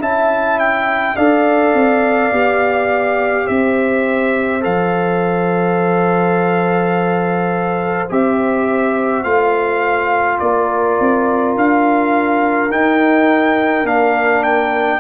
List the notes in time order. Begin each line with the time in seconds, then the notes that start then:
0.00 C#4 E4 E5 A5
0.59 G5
1.17 D4 A4 D5 F5
1.74 C4
2.32 B3 G4
3.45 C4 C5 E5
4.61 F3 A4 F5
8.10 C4 G4 E5
9.24 A3 F4 F5
10.39 A#3 A#4 D5
11.00 C4
11.56 D4 F5
12.71 D#4 G5
13.84 A#3 D4 F5
14.44 G5